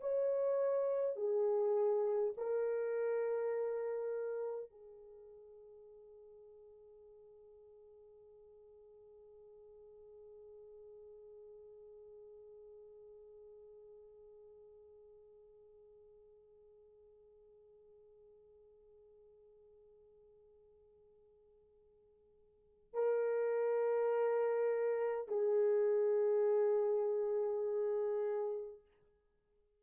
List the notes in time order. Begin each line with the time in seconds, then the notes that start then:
0.00 C#5
1.16 G#4
2.37 A#4
4.70 G#4
22.93 A#4
25.28 G#4